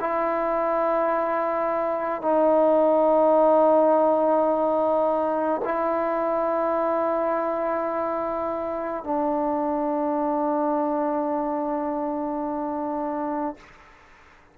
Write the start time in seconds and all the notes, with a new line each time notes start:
0.00 E4
2.22 D#4
5.64 E4
9.04 D4